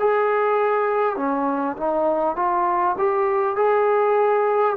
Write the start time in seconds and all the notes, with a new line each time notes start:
0.00 G#4
1.17 C#4
1.77 D#4
2.36 F4
2.98 G4
3.56 G#4